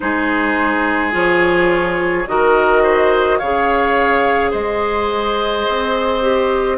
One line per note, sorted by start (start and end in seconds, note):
0.00 1.13 G#3
0.00 1.11 D#4
0.00 2.28 G#4
0.00 1.13 C5
1.11 2.26 F3
1.11 2.24 F4
1.11 2.27 C#5
2.27 3.40 D#3
2.27 3.40 F#4
2.27 2.83 A#4
2.27 3.38 D#5
2.83 3.38 C5
3.38 4.53 C#3
3.38 6.22 G#4
3.38 4.50 C#5
3.38 4.51 F5
4.50 5.67 G#3
4.50 6.77 C5
4.50 6.77 D#5
5.67 6.77 C4
6.22 6.77 G4